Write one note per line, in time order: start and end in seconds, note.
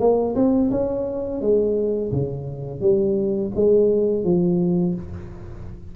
0.00 0.35 A#3
0.36 0.71 C4
0.71 1.41 C#4
1.41 2.12 G#3
2.13 2.81 C#3
2.81 3.52 G3
3.56 4.24 G#3
4.24 4.95 F3